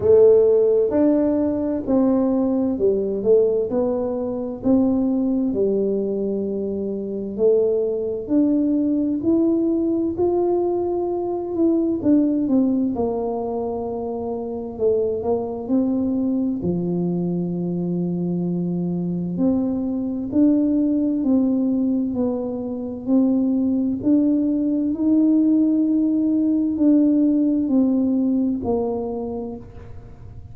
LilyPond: \new Staff \with { instrumentName = "tuba" } { \time 4/4 \tempo 4 = 65 a4 d'4 c'4 g8 a8 | b4 c'4 g2 | a4 d'4 e'4 f'4~ | f'8 e'8 d'8 c'8 ais2 |
a8 ais8 c'4 f2~ | f4 c'4 d'4 c'4 | b4 c'4 d'4 dis'4~ | dis'4 d'4 c'4 ais4 | }